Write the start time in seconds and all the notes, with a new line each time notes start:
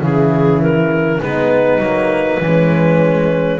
0.00 C#3 E3 E4 G#4
0.61 A#4
1.20 G#3 B3 D#4 B4
1.78 F#3 A#3
2.39 E3 C#4
2.45 G#3